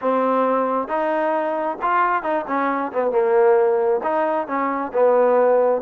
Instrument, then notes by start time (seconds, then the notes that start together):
trombone
0.01 C4
0.88 D#4
1.82 F4
2.23 D#4
2.47 C#4
2.92 B3
3.11 A#3
4.03 D#4
4.47 C#4
4.93 B3